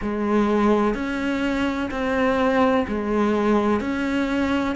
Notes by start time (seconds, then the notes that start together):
0.02 G#3
0.94 C#4
1.90 C4
2.88 G#3
3.80 C#4